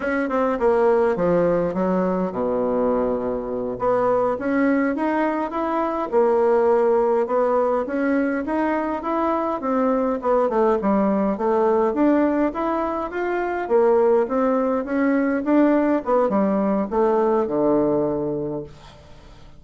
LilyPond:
\new Staff \with { instrumentName = "bassoon" } { \time 4/4 \tempo 4 = 103 cis'8 c'8 ais4 f4 fis4 | b,2~ b,8 b4 cis'8~ | cis'8 dis'4 e'4 ais4.~ | ais8 b4 cis'4 dis'4 e'8~ |
e'8 c'4 b8 a8 g4 a8~ | a8 d'4 e'4 f'4 ais8~ | ais8 c'4 cis'4 d'4 b8 | g4 a4 d2 | }